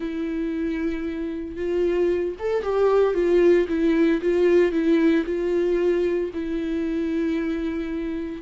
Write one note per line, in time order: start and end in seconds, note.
0.00 1.56 E4
1.56 2.35 F4
2.39 2.62 A4
2.62 3.14 G4
3.14 3.66 F4
3.68 4.21 E4
4.21 4.72 F4
4.72 5.24 E4
5.25 6.30 F4
6.33 8.42 E4